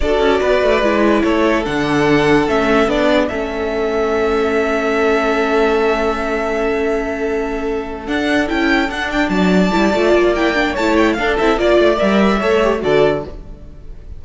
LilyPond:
<<
  \new Staff \with { instrumentName = "violin" } { \time 4/4 \tempo 4 = 145 d''2. cis''4 | fis''2 e''4 d''4 | e''1~ | e''1~ |
e''2.~ e''8 fis''8~ | fis''8 g''4 fis''8 g''8 a''4.~ | a''4 g''4 a''8 g''8 f''8 e''8 | d''4 e''2 d''4 | }
  \new Staff \with { instrumentName = "violin" } { \time 4/4 a'4 b'2 a'4~ | a'2.~ a'8 gis'8 | a'1~ | a'1~ |
a'1~ | a'2~ a'8 d''4.~ | d''2 cis''4 a'4 | d''2 cis''4 a'4 | }
  \new Staff \with { instrumentName = "viola" } { \time 4/4 fis'2 e'2 | d'2 cis'4 d'4 | cis'1~ | cis'1~ |
cis'2.~ cis'8 d'8~ | d'8 e'4 d'2 e'8 | f'4 e'8 d'8 e'4 d'8 e'8 | f'4 ais'4 a'8 g'8 fis'4 | }
  \new Staff \with { instrumentName = "cello" } { \time 4/4 d'8 cis'8 b8 a8 gis4 a4 | d2 a4 b4 | a1~ | a1~ |
a2.~ a8 d'8~ | d'8 cis'4 d'4 fis4 g8 | a8 ais4. a4 d'8 c'8 | ais8 a8 g4 a4 d4 | }
>>